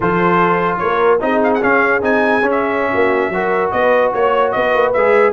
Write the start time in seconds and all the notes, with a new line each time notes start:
0.00 F3 F4 A4 C5
0.78 A#3 A#4 C#5
1.20 C4 D#4 G#4 D#5
1.43 F5
1.54 F#5
1.61 C#4 F5
2.01 C4 D#4 G#5
2.41 C#4
2.51 E5
2.91 A#3 F#4
3.29 F#3 F#4 A#4
3.71 B3 B4 D#5
4.13 A#3 C#5
4.51 B3 B4 D#5
4.74 A#3
4.93 G#3 G#4 E5